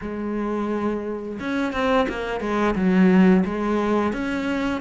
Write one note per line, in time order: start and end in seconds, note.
0.01 1.39 G#3
1.39 1.72 C#4
1.72 2.07 C4
2.08 2.40 A#3
2.40 2.75 G#3
2.75 3.44 F#3
3.45 4.12 G#3
4.12 4.81 C#4